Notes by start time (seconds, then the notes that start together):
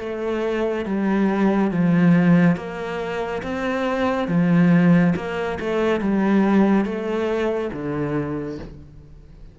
0.00 A3
0.86 G3
1.71 F3
2.57 A#3
3.43 C4
4.28 F3
5.16 A#3
5.60 A3
6.01 G3
6.85 A3
7.73 D3